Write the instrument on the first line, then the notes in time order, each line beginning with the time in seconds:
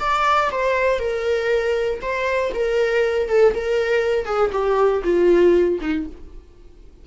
viola
0.00 D5
0.52 C5
0.99 A#4
2.02 C5
2.55 A#4
3.29 A4
3.55 A#4
4.26 G#4
4.52 G4
5.04 F4
5.81 D#4